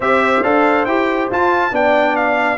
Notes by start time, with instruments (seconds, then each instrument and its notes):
0.00 tuba C4, trombone G4, horn C5, trumpet E5
0.43 tuba D4, trombone A4, trumpet F5
0.85 tuba E4, trombone G4, trumpet G5
1.30 tuba F4, trombone F4, trumpet A5
1.71 tuba B3, trombone D4, horn D5, trumpet G5
2.16 trumpet F5